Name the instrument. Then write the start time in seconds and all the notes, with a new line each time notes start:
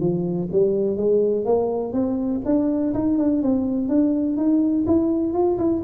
tuba
0.00 F3
0.52 G3
0.97 G#3
1.45 A#3
1.93 C4
2.45 D4
2.94 D#4
3.18 D4
3.42 C4
3.88 D4
4.37 D#4
4.87 E4
5.33 F4
5.58 E4